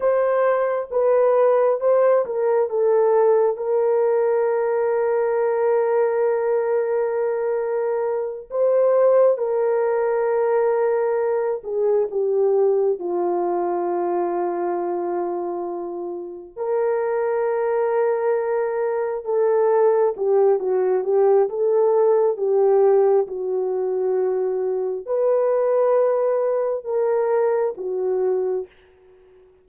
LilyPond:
\new Staff \with { instrumentName = "horn" } { \time 4/4 \tempo 4 = 67 c''4 b'4 c''8 ais'8 a'4 | ais'1~ | ais'4. c''4 ais'4.~ | ais'4 gis'8 g'4 f'4.~ |
f'2~ f'8 ais'4.~ | ais'4. a'4 g'8 fis'8 g'8 | a'4 g'4 fis'2 | b'2 ais'4 fis'4 | }